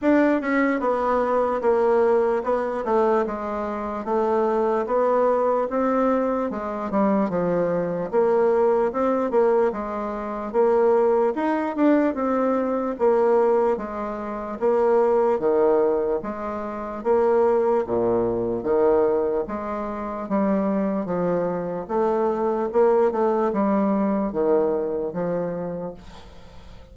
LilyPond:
\new Staff \with { instrumentName = "bassoon" } { \time 4/4 \tempo 4 = 74 d'8 cis'8 b4 ais4 b8 a8 | gis4 a4 b4 c'4 | gis8 g8 f4 ais4 c'8 ais8 | gis4 ais4 dis'8 d'8 c'4 |
ais4 gis4 ais4 dis4 | gis4 ais4 ais,4 dis4 | gis4 g4 f4 a4 | ais8 a8 g4 dis4 f4 | }